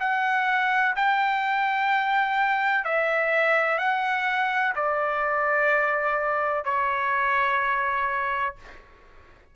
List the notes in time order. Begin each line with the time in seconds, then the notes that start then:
0.00 F#5
0.96 G5
2.85 E5
3.79 F#5
4.76 D5
6.65 C#5